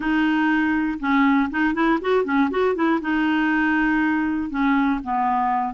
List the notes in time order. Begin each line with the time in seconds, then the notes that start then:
0.00 D#4
0.99 C#4
1.50 D#4
1.74 E4
2.01 F#4
2.24 C#4
2.50 F#4
2.75 E4
3.01 D#4
4.50 C#4
5.03 B3